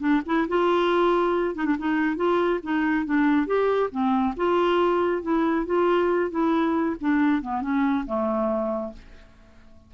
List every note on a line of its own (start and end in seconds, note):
0.00 0.22 D4
0.26 0.48 E4
0.48 1.55 F4
1.55 1.66 D#4
1.66 1.77 D4
1.79 2.17 D#4
2.17 2.60 F4
2.64 3.06 D#4
3.06 3.47 D4
3.47 3.90 G4
3.91 4.35 C4
4.37 5.23 F4
5.23 5.66 E4
5.66 6.31 F4
6.31 6.96 E4
7.01 7.42 D4
7.42 7.62 B3
7.62 8.05 C#4
8.07 8.93 A3